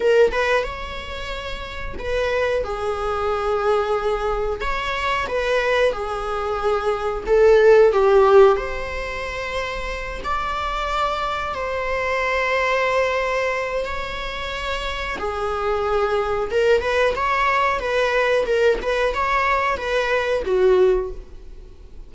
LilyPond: \new Staff \with { instrumentName = "viola" } { \time 4/4 \tempo 4 = 91 ais'8 b'8 cis''2 b'4 | gis'2. cis''4 | b'4 gis'2 a'4 | g'4 c''2~ c''8 d''8~ |
d''4. c''2~ c''8~ | c''4 cis''2 gis'4~ | gis'4 ais'8 b'8 cis''4 b'4 | ais'8 b'8 cis''4 b'4 fis'4 | }